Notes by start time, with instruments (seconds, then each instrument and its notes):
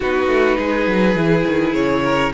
0.00 cello B3, viola D#4, violin F#4 B4
0.27 cello A3
0.57 cello G#3, violin G#4
0.86 cello F#3
1.15 cello E3, viola E4
1.47 cello D#3
1.74 cello C#3, violin C#5
2.03 violin A#4